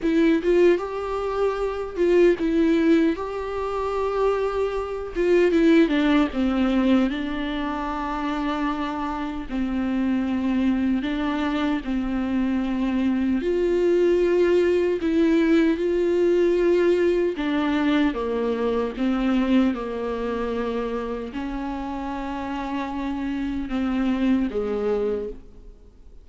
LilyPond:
\new Staff \with { instrumentName = "viola" } { \time 4/4 \tempo 4 = 76 e'8 f'8 g'4. f'8 e'4 | g'2~ g'8 f'8 e'8 d'8 | c'4 d'2. | c'2 d'4 c'4~ |
c'4 f'2 e'4 | f'2 d'4 ais4 | c'4 ais2 cis'4~ | cis'2 c'4 gis4 | }